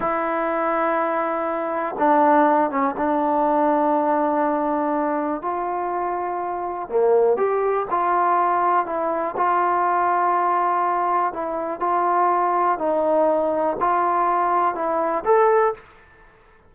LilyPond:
\new Staff \with { instrumentName = "trombone" } { \time 4/4 \tempo 4 = 122 e'1 | d'4. cis'8 d'2~ | d'2. f'4~ | f'2 ais4 g'4 |
f'2 e'4 f'4~ | f'2. e'4 | f'2 dis'2 | f'2 e'4 a'4 | }